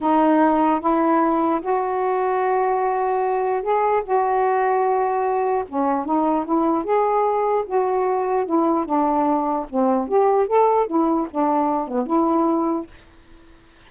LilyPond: \new Staff \with { instrumentName = "saxophone" } { \time 4/4 \tempo 4 = 149 dis'2 e'2 | fis'1~ | fis'4 gis'4 fis'2~ | fis'2 cis'4 dis'4 |
e'4 gis'2 fis'4~ | fis'4 e'4 d'2 | c'4 g'4 a'4 e'4 | d'4. b8 e'2 | }